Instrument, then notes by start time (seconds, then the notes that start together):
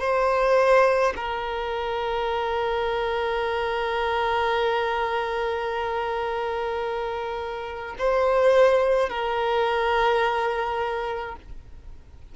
violin
0.00 C5
1.16 A#4
7.99 C5
9.09 A#4